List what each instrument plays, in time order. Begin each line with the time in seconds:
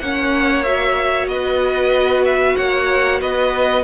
0.00 cello A#3, viola C#4, violin C#5 F#5
0.63 viola F#4, violin E5
1.27 cello B3, violin B4 D#5
2.25 violin E5
2.56 cello A#3, violin C#5 F#5
3.21 cello B3, violin B4 D#5